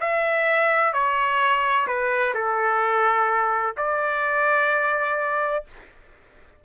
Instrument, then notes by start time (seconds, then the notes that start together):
trumpet
0.00 E5
0.93 C#5
1.87 B4
2.34 A4
3.77 D5